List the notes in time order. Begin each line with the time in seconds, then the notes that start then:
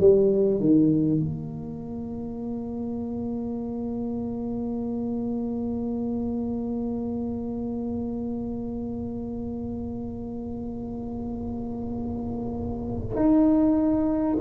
0.00 G3
0.60 D#3
1.19 A#3
13.16 D#4